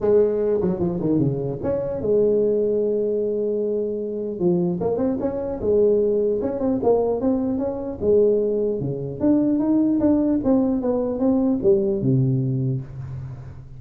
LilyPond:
\new Staff \with { instrumentName = "tuba" } { \time 4/4 \tempo 4 = 150 gis4. fis8 f8 dis8 cis4 | cis'4 gis2.~ | gis2. f4 | ais8 c'8 cis'4 gis2 |
cis'8 c'8 ais4 c'4 cis'4 | gis2 cis4 d'4 | dis'4 d'4 c'4 b4 | c'4 g4 c2 | }